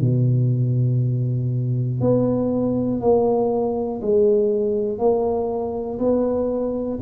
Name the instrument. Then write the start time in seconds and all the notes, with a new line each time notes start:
tuba
0.00 B2
2.00 B3
3.00 A#3
4.01 G#3
4.98 A#3
5.99 B3